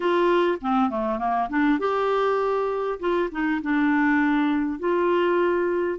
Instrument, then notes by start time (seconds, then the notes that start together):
clarinet
0.00 F4
0.61 C4
0.90 A3
1.18 A#3
1.49 D4
1.79 G4
2.99 F4
3.31 D#4
3.62 D4
4.79 F4